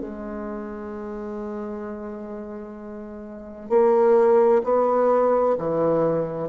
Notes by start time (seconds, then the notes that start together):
0.00 G#3
3.69 A#3
4.64 B3
5.58 E3